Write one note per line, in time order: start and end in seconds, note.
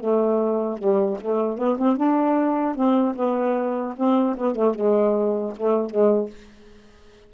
0.00 0.79 A3
0.79 1.18 G3
1.21 1.58 A3
1.58 1.78 B3
1.78 1.97 C4
1.97 2.76 D4
2.76 3.15 C4
3.15 3.94 B3
3.97 4.36 C4
4.37 4.55 B3
4.55 4.75 A3
4.75 5.54 G#3
5.57 5.90 A3
5.90 6.30 G#3